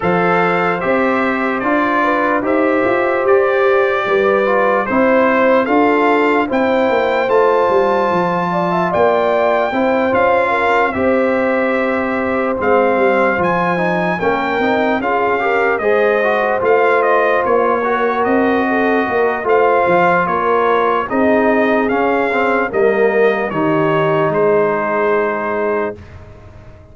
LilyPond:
<<
  \new Staff \with { instrumentName = "trumpet" } { \time 4/4 \tempo 4 = 74 f''4 e''4 d''4 e''4 | d''2 c''4 f''4 | g''4 a''2 g''4~ | g''8 f''4 e''2 f''8~ |
f''8 gis''4 g''4 f''4 dis''8~ | dis''8 f''8 dis''8 cis''4 dis''4. | f''4 cis''4 dis''4 f''4 | dis''4 cis''4 c''2 | }
  \new Staff \with { instrumentName = "horn" } { \time 4/4 c''2~ c''8 b'8 c''4~ | c''4 b'4 c''4 a'4 | c''2~ c''8 d''16 e''16 d''4 | c''4 ais'8 c''2~ c''8~ |
c''4. ais'4 gis'8 ais'8 c''8~ | c''2 ais'4 a'8 ais'8 | c''4 ais'4 gis'2 | ais'4 g'4 gis'2 | }
  \new Staff \with { instrumentName = "trombone" } { \time 4/4 a'4 g'4 f'4 g'4~ | g'4. f'8 e'4 f'4 | e'4 f'2. | e'8 f'4 g'2 c'8~ |
c'8 f'8 dis'8 cis'8 dis'8 f'8 g'8 gis'8 | fis'8 f'4. fis'2 | f'2 dis'4 cis'8 c'8 | ais4 dis'2. | }
  \new Staff \with { instrumentName = "tuba" } { \time 4/4 f4 c'4 d'4 dis'8 f'8 | g'4 g4 c'4 d'4 | c'8 ais8 a8 g8 f4 ais4 | c'8 cis'4 c'2 gis8 |
g8 f4 ais8 c'8 cis'4 gis8~ | gis8 a4 ais4 c'4 ais8 | a8 f8 ais4 c'4 cis'4 | g4 dis4 gis2 | }
>>